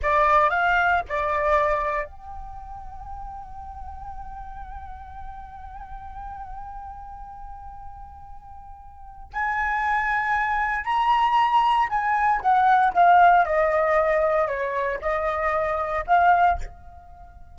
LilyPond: \new Staff \with { instrumentName = "flute" } { \time 4/4 \tempo 4 = 116 d''4 f''4 d''2 | g''1~ | g''1~ | g''1~ |
g''2 gis''2~ | gis''4 ais''2 gis''4 | fis''4 f''4 dis''2 | cis''4 dis''2 f''4 | }